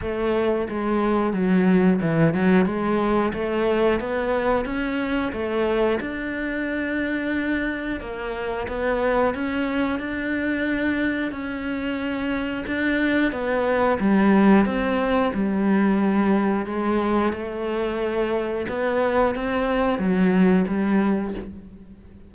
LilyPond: \new Staff \with { instrumentName = "cello" } { \time 4/4 \tempo 4 = 90 a4 gis4 fis4 e8 fis8 | gis4 a4 b4 cis'4 | a4 d'2. | ais4 b4 cis'4 d'4~ |
d'4 cis'2 d'4 | b4 g4 c'4 g4~ | g4 gis4 a2 | b4 c'4 fis4 g4 | }